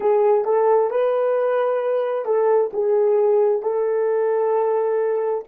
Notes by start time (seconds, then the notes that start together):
0.00 G#4
0.45 A4
0.90 B4
2.25 A4
2.73 G#4
3.62 A4